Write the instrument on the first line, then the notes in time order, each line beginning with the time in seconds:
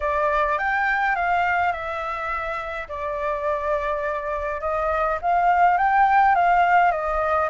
flute
0.00 D5
0.58 G5
1.15 F5
1.72 E5
2.88 D5
4.60 D#5
5.21 F5
5.77 G5
6.35 F5
6.91 D#5